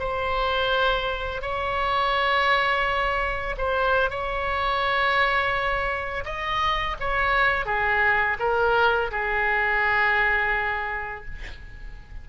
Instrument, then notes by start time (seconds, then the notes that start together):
oboe
0.00 C5
1.42 C#5
3.58 C5
4.10 C#5
6.25 D#5
7.00 C#5
7.66 G#4
8.40 A#4
9.11 G#4